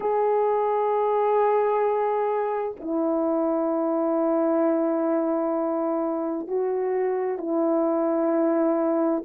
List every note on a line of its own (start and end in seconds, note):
0.00 2.75 G#4
2.79 6.47 E4
6.47 7.38 F#4
7.38 9.22 E4